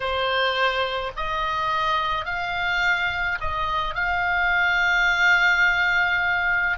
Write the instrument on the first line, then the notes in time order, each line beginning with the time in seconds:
oboe
0.00 C5
1.16 D#5
2.25 F5
3.40 D#5
3.95 F5